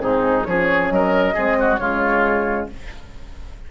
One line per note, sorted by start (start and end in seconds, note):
0.00 0.46 G#2
0.00 0.45 C4
0.00 0.47 D#4
0.00 0.44 G#4
0.44 0.90 F3
0.44 1.35 C#4
0.44 0.93 G#4
0.44 0.89 C#5
0.90 1.35 F#3
0.90 1.34 A#4
0.90 1.77 D#5
1.34 1.79 G#3
1.34 1.80 C4
1.34 1.56 G#4
1.59 1.80 F#4
1.77 2.68 C#3
1.77 2.71 G#3
1.77 2.69 F4
1.77 2.66 C#5